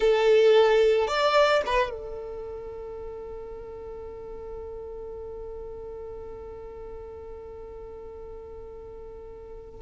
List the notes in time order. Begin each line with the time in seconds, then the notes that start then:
0.00 A4
1.07 D5
1.66 B4
1.90 A4